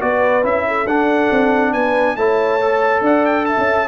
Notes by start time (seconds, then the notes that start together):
0.00 B3 F#4 B4 D5
0.43 C#4 E4 E5
0.68 A4
0.85 D4 F#5
1.31 C4
1.73 B3 B4 G#5
2.16 A3 E4 C#5 A5
2.61 A4
3.01 D4 D5 F#5
3.25 G5
3.45 E5 A5
3.58 C#4